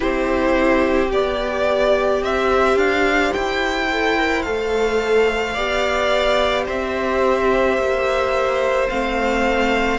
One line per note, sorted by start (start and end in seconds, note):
0.00 1.12 C4
0.00 1.09 E4
0.00 2.22 G4
0.00 1.10 C5
1.09 2.22 B3
1.09 3.87 G4
1.09 2.23 D5
2.22 2.75 C4
2.22 5.53 C5
2.22 2.77 E5
2.75 3.31 D4
2.75 3.33 F5
3.33 4.46 E4
3.33 4.42 G5
3.91 4.17 A4
4.17 4.44 A#4
4.42 5.56 A3
4.42 5.55 A4
4.42 6.64 F5
5.53 6.67 B3
5.53 8.88 G4
5.53 6.64 D5
6.65 7.77 C4
6.65 9.99 C5
6.65 8.89 E5
7.77 8.88 A#3
8.88 9.99 A3
8.88 9.99 C4
8.88 9.99 F5